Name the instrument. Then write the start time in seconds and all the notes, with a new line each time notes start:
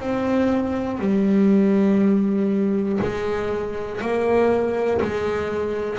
double bass
0.00 C4
0.99 G3
3.01 G#3
4.01 A#3
5.01 G#3